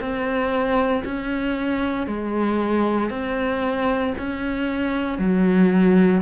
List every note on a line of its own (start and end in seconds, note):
0.00 1.03 C4
1.04 2.07 C#4
2.07 3.10 G#3
3.10 4.14 C4
4.18 5.18 C#4
5.18 6.22 F#3